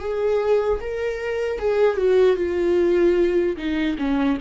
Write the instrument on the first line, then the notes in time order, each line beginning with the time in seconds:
viola
0.00 G#4
0.81 A#4
1.59 G#4
1.97 F#4
2.37 F4
3.57 D#4
3.99 C#4